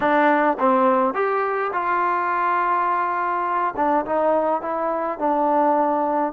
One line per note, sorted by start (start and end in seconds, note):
0.00 0.57 D4
0.59 1.14 C4
1.14 1.72 G4
1.72 3.74 F4
3.76 4.05 D4
4.05 4.61 D#4
4.61 5.18 E4
5.18 6.32 D4